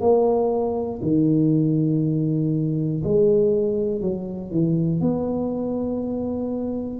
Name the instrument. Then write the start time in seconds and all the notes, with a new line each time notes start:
tuba
0.00 A#3
1.02 D#3
3.04 G#3
4.01 F#3
4.51 E3
5.01 B3